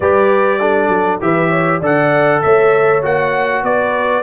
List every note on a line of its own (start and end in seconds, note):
0.00 0.88 G3
0.00 0.60 G4
0.00 0.59 B4
0.00 1.21 D5
0.59 1.20 D4
0.59 1.20 A4
0.88 1.18 F#3
1.20 1.81 E3
1.20 1.81 G4
1.20 1.49 B4
1.20 1.82 E5
1.49 1.79 C#5
1.80 2.41 D3
1.80 3.02 A4
1.80 2.41 D5
1.80 2.41 F#5
2.41 3.04 A3
2.41 3.64 C#5
2.41 3.02 E5
3.02 3.62 A#3
3.02 4.22 F#4
3.02 3.64 F#5
3.62 4.22 B3
3.62 4.22 B4
3.62 4.22 D5